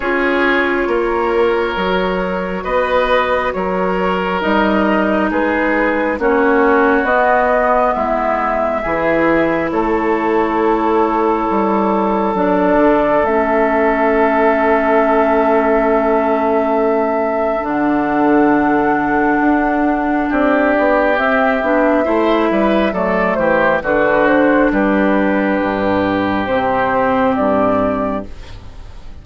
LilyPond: <<
  \new Staff \with { instrumentName = "flute" } { \time 4/4 \tempo 4 = 68 cis''2. dis''4 | cis''4 dis''4 b'4 cis''4 | dis''4 e''2 cis''4~ | cis''2 d''4 e''4~ |
e''1 | fis''2. d''4 | e''2 d''8 c''8 b'8 c''8 | b'2 c''4 d''4 | }
  \new Staff \with { instrumentName = "oboe" } { \time 4/4 gis'4 ais'2 b'4 | ais'2 gis'4 fis'4~ | fis'4 e'4 gis'4 a'4~ | a'1~ |
a'1~ | a'2. g'4~ | g'4 c''8 b'8 a'8 g'8 fis'4 | g'1 | }
  \new Staff \with { instrumentName = "clarinet" } { \time 4/4 f'2 fis'2~ | fis'4 dis'2 cis'4 | b2 e'2~ | e'2 d'4 cis'4~ |
cis'1 | d'1 | c'8 d'8 e'4 a4 d'4~ | d'2 c'2 | }
  \new Staff \with { instrumentName = "bassoon" } { \time 4/4 cis'4 ais4 fis4 b4 | fis4 g4 gis4 ais4 | b4 gis4 e4 a4~ | a4 g4 fis8 d8 a4~ |
a1 | d2 d'4 c'8 b8 | c'8 b8 a8 g8 fis8 e8 d4 | g4 g,4 c4 g,4 | }
>>